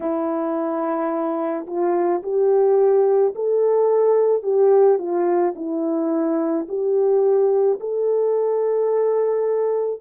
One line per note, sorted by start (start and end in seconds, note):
0.00 1.66 E4
1.66 2.22 F4
2.22 3.33 G4
3.35 4.42 A4
4.42 4.98 G4
4.98 5.54 F4
5.56 6.67 E4
6.68 7.79 G4
7.80 10.01 A4